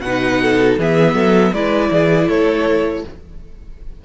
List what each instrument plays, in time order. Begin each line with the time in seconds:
0.00 cello B2, viola D#4, violin B4 F#5
0.42 violin A4
0.77 cello E3, viola B3, violin G#4 E5
1.14 cello F#3, violin A4
1.52 cello G#3, viola E4, violin B4 D5
1.90 cello E3, violin G#4
2.28 cello A3, violin A4 C#5